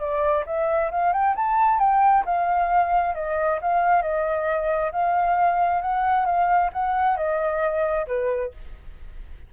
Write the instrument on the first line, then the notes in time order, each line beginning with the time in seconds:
flute
0.00 D5
0.46 E5
0.92 F5
1.13 G5
1.36 A5
1.80 G5
2.26 F5
3.15 D#5
3.62 F5
4.02 D#5
4.92 F5
5.82 F#5
6.26 F5
6.73 F#5
7.17 D#5
8.07 B4